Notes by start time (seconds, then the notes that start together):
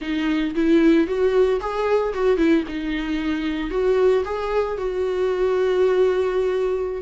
0.01 D#4
0.54 E4
1.07 F#4
1.60 G#4
2.13 F#4
2.37 E4
2.67 D#4
3.70 F#4
4.25 G#4
4.77 F#4